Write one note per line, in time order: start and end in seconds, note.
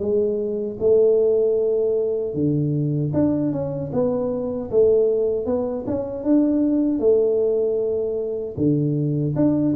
0.00 0.78 G#3
0.80 2.34 A3
2.34 3.12 D3
3.14 3.52 D4
3.52 3.91 C#4
3.93 4.71 B3
4.71 5.46 A3
5.46 5.85 B3
5.87 6.24 C#4
6.24 7.00 D4
7.00 8.56 A3
8.57 9.35 D3
9.36 9.75 D4